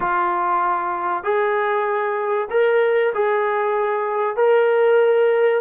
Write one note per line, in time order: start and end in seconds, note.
0.00 1.23 F4
1.23 2.48 G#4
2.50 3.12 A#4
3.14 4.36 G#4
4.36 5.61 A#4